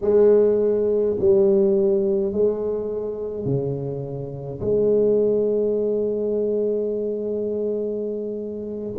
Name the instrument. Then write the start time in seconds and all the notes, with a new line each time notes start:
tuba
0.01 G#3
1.19 G3
2.32 G#3
3.45 C#3
4.60 G#3